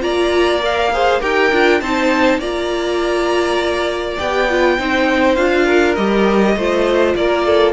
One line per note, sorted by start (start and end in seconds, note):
0.00 1.20 A#3
0.00 0.59 F4
0.00 0.92 D5
0.00 0.61 A#5
0.62 0.91 A#4
0.62 1.21 F5
0.92 1.21 G#4
0.92 1.20 C5
1.20 1.51 D#4
1.20 1.51 G4
1.20 1.79 A#4
1.20 1.80 G5
1.51 1.81 D4
1.51 1.82 F4
1.80 2.38 C4
1.80 2.40 D#4
1.80 2.39 C5
1.80 2.40 A5
2.38 4.16 A#3
2.38 4.18 F4
2.38 4.76 D5
2.38 4.18 A#5
4.18 4.78 B3
4.18 4.48 G4
4.18 5.35 G5
4.49 4.78 F4
4.78 5.37 C4
4.78 5.36 D#4
4.78 5.65 C5
5.35 5.97 D4
5.35 5.96 F4
5.35 5.94 F5
5.65 6.54 A#4
5.95 6.55 G3
5.95 6.57 G4
5.95 7.13 D#5
6.55 7.14 A3
6.55 7.73 F4
6.55 7.16 C5
7.15 7.73 A#3
7.15 7.45 A#4
7.15 7.73 D5
7.45 7.73 A4